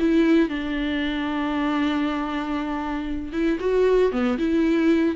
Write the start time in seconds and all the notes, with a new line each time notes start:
0.00 E4
0.49 D4
3.33 E4
3.60 F#4
4.12 B3
4.39 E4